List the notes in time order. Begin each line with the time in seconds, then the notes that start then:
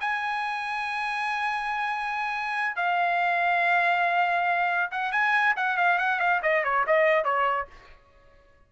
0.00 G#5
2.76 F5
4.91 F#5
5.12 G#5
5.56 F#5
5.77 F5
5.98 F#5
6.19 F5
6.42 D#5
6.64 C#5
6.86 D#5
7.24 C#5